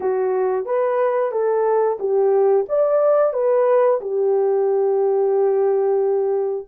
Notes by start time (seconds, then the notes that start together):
0.00 F#4
0.65 B4
1.31 A4
1.99 G4
2.68 D5
3.33 B4
4.01 G4